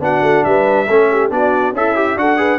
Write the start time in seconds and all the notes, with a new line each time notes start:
0.00 B3 D4 F#4 F#5
0.22 A3
0.44 G3 B4 E5
0.88 A3 C#4 A4
1.11 G4
1.30 B3 D4 F#4 D5
1.72 C#4 E4 A4 E5
1.96 G4
2.16 D4 F#4 A4 F#5
2.37 G#4 B4